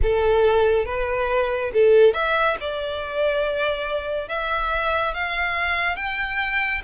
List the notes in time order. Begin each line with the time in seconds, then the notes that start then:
0.02 A4
0.85 B4
1.73 A4
2.14 E5
2.60 D5
4.28 E5
5.14 F5
5.96 G5